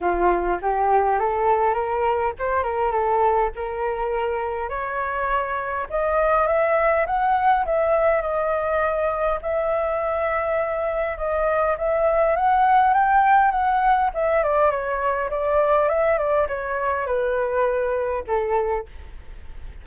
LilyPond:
\new Staff \with { instrumentName = "flute" } { \time 4/4 \tempo 4 = 102 f'4 g'4 a'4 ais'4 | c''8 ais'8 a'4 ais'2 | cis''2 dis''4 e''4 | fis''4 e''4 dis''2 |
e''2. dis''4 | e''4 fis''4 g''4 fis''4 | e''8 d''8 cis''4 d''4 e''8 d''8 | cis''4 b'2 a'4 | }